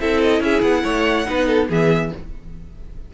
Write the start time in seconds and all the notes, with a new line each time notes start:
0.00 C4 E4 A4 E5
0.22 D#5
0.40 C#4 G#4 E5
0.62 B3 F#5
0.84 A3 C#5
1.25 B3 D#4 B4
1.47 A4
1.70 E3 B3 G#4 E5